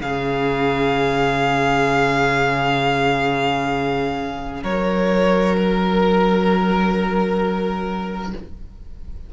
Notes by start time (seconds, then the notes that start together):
0.00 C#3 C#4 G#4 F5
4.62 F#3 A#4 C#5
5.56 A#4